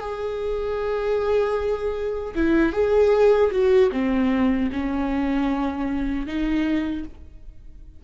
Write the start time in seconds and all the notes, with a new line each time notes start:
0.00 G#4
2.35 E4
2.72 G#4
3.51 F#4
3.91 C4
4.72 C#4
6.26 D#4